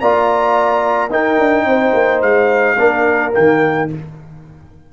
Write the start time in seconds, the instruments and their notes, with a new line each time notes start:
0.00 tuba A#3, trombone F4, horn D5, trumpet A#5
1.09 trombone D#4, tuba D#4, horn A#4, trumpet G5
1.39 tuba D4
1.64 tuba C4, horn C5
1.93 tuba A#3
2.21 tuba G#3, trumpet F5
2.78 tuba A#3, trombone D4, horn A#4
3.32 tuba D#3, trombone A#3, trumpet G5